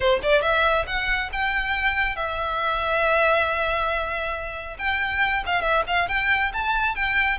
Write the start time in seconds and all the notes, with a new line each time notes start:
0.00 C5
0.22 D5
0.42 E5
0.86 F#5
1.32 G5
2.16 E5
4.78 G5
5.46 F5
5.61 E5
5.87 F5
6.08 G5
6.53 A5
6.95 G5